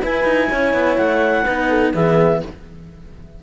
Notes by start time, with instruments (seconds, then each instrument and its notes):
0.00 cello E4, horn B4, clarinet G#5
0.24 cello D#4
0.49 cello C#4, horn C#5
0.74 cello B3
0.97 cello A3, clarinet F#5
1.44 cello B3 D#4, horn B4
1.70 horn A4
1.94 cello E3 B3, horn G#4, clarinet E5